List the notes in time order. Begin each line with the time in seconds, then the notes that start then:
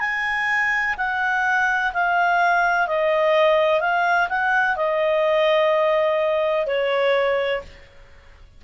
0.00 G#5
0.97 F#5
1.94 F5
2.87 D#5
3.81 F5
4.29 F#5
4.77 D#5
6.67 C#5